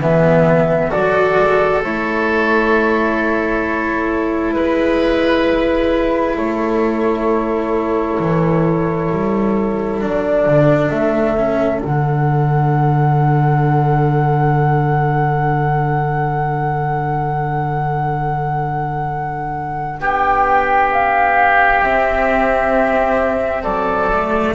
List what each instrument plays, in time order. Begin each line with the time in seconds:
0.00 double bass E3, cello B3, oboe G#4, flute E5
0.90 double bass F#3, cello F#4, oboe A4, flute D5
1.38 double bass G#3
1.83 double bass A3, cello E4, flute C#5
4.53 double bass G#3, flute B4, oboe B4
6.36 double bass A3, oboe A4, flute C#5
8.19 double bass E3
9.10 double bass G3
10.00 double bass F#3, cello D4, flute D5
10.46 double bass D3
10.89 double bass A3, flute E5
11.37 cello C#4
11.81 double bass D3, cello D4, flute F#5
19.99 double bass B3, oboe G4, flute G5
20.91 flute F5
21.82 double bass C4, cello C4, flute E5
23.62 double bass F#3, oboe A4, flute D5
24.11 cello A3